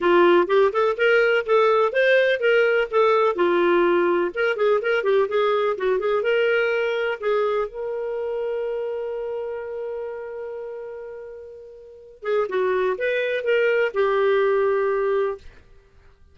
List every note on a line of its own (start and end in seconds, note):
0.00 0.47 F4
0.47 0.71 G4
0.72 0.96 A4
0.97 1.45 A#4
1.46 1.92 A4
1.92 2.40 C5
2.40 2.88 A#4
2.91 3.35 A4
3.35 4.31 F4
4.34 4.56 A#4
4.56 4.80 G#4
4.81 5.03 A#4
5.03 5.27 G4
5.28 5.76 G#4
5.77 5.99 F#4
5.99 6.22 G#4
6.22 7.18 A#4
7.20 7.68 G#4
7.68 12.23 A#4
12.23 12.47 G#4
12.48 12.96 F#4
12.97 13.44 B4
13.44 13.92 A#4
13.94 15.38 G4